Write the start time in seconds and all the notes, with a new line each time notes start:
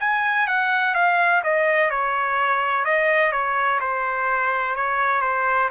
0.00 G#5
0.47 F#5
0.94 F5
1.44 D#5
1.90 C#5
2.84 D#5
3.32 C#5
3.80 C5
4.76 C#5
5.21 C5